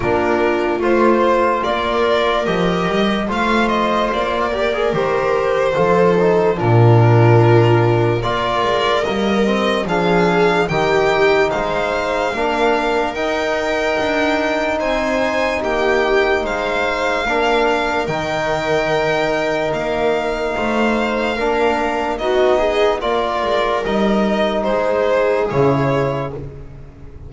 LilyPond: <<
  \new Staff \with { instrumentName = "violin" } { \time 4/4 \tempo 4 = 73 ais'4 c''4 d''4 dis''4 | f''8 dis''8 d''4 c''2 | ais'2 d''4 dis''4 | f''4 g''4 f''2 |
g''2 gis''4 g''4 | f''2 g''2 | f''2. dis''4 | d''4 dis''4 c''4 cis''4 | }
  \new Staff \with { instrumentName = "viola" } { \time 4/4 f'2 ais'2 | c''4. ais'4. a'4 | f'2 ais'2 | gis'4 g'4 c''4 ais'4~ |
ais'2 c''4 g'4 | c''4 ais'2.~ | ais'4 c''4 ais'4 fis'8 gis'8 | ais'2 gis'2 | }
  \new Staff \with { instrumentName = "trombone" } { \time 4/4 d'4 f'2 g'4 | f'4. g'16 gis'16 g'4 f'8 dis'8 | d'2 f'4 ais8 c'8 | d'4 dis'2 d'4 |
dis'1~ | dis'4 d'4 dis'2~ | dis'2 d'4 dis'4 | f'4 dis'2 e'4 | }
  \new Staff \with { instrumentName = "double bass" } { \time 4/4 ais4 a4 ais4 f8 g8 | a4 ais4 dis4 f4 | ais,2 ais8 gis8 g4 | f4 dis4 gis4 ais4 |
dis'4 d'4 c'4 ais4 | gis4 ais4 dis2 | ais4 a4 ais4 b4 | ais8 gis8 g4 gis4 cis4 | }
>>